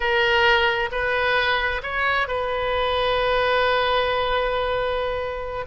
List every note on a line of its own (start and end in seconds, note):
0.00 0.89 A#4
0.91 1.81 B4
1.83 2.27 C#5
2.27 5.65 B4